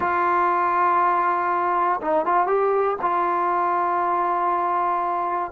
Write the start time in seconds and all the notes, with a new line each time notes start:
0.00 F4
2.01 D#4
2.25 F4
2.46 G4
3.01 F4